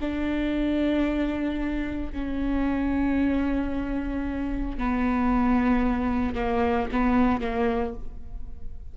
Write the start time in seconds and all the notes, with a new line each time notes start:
0.00 D4
2.12 C#4
4.78 B3
6.35 A#3
6.91 B3
7.41 A#3